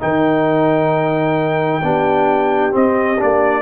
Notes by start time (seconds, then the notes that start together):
0.00 D#3 D#4 A#4 G5
1.83 B3 D4 G4
2.71 C4 D#5
3.18 A#3 D4 D5